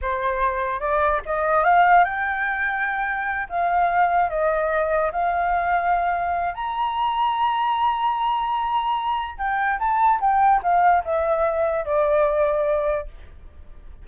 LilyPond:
\new Staff \with { instrumentName = "flute" } { \time 4/4 \tempo 4 = 147 c''2 d''4 dis''4 | f''4 g''2.~ | g''8 f''2 dis''4.~ | dis''8 f''2.~ f''8 |
ais''1~ | ais''2. g''4 | a''4 g''4 f''4 e''4~ | e''4 d''2. | }